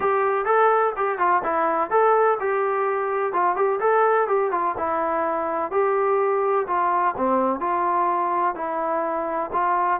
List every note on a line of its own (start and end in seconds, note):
0.00 0.45 G4
0.45 0.93 A4
0.96 1.18 G4
1.18 1.42 F4
1.43 1.90 E4
1.90 2.38 A4
2.40 3.32 G4
3.32 3.55 F4
3.55 3.79 G4
3.79 4.27 A4
4.27 4.51 G4
4.51 4.75 F4
4.77 5.71 E4
5.71 6.66 G4
6.67 7.15 F4
7.17 7.60 C4
7.60 8.55 F4
8.55 9.50 E4
9.52 10.00 F4